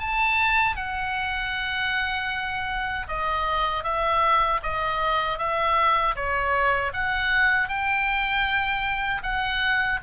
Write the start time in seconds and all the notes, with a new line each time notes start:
0.00 A5
0.77 F#5
3.08 D#5
3.84 E5
4.63 D#5
5.39 E5
6.16 C#5
6.93 F#5
7.69 G5
9.23 F#5